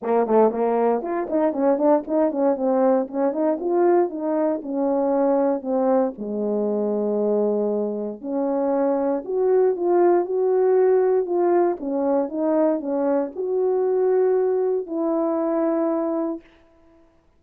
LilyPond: \new Staff \with { instrumentName = "horn" } { \time 4/4 \tempo 4 = 117 ais8 a8 ais4 f'8 dis'8 cis'8 d'8 | dis'8 cis'8 c'4 cis'8 dis'8 f'4 | dis'4 cis'2 c'4 | gis1 |
cis'2 fis'4 f'4 | fis'2 f'4 cis'4 | dis'4 cis'4 fis'2~ | fis'4 e'2. | }